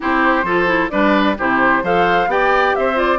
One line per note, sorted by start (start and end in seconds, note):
0.00 0.43 C4
0.00 0.44 E4
0.00 0.45 G4
0.00 0.89 C5
0.43 0.89 F3
0.43 0.66 F4
0.43 0.91 A4
0.66 0.89 E4
0.89 1.38 G3
0.89 1.36 D4
0.89 1.37 B4
0.89 1.35 D5
1.37 1.82 C3
1.37 1.83 E4
1.37 1.83 G4
1.37 1.85 C5
1.82 2.26 F3
1.82 2.28 A4
1.82 2.29 C5
1.82 2.30 F5
2.26 2.72 B3
2.26 2.94 G4
2.26 2.76 D5
2.26 2.75 G5
2.75 3.19 C4
2.75 3.19 C5
2.75 2.98 E5
2.94 3.17 F4
2.94 3.19 D5